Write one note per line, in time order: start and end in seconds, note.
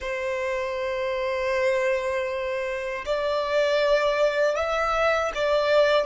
0.00 3.04 C5
3.05 4.55 D5
4.55 5.31 E5
5.34 6.06 D5